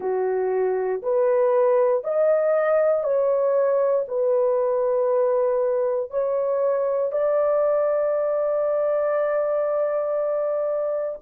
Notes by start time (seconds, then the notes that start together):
0.00 F#4
1.02 B4
2.03 D#5
3.03 C#5
4.07 B4
6.10 C#5
7.11 D5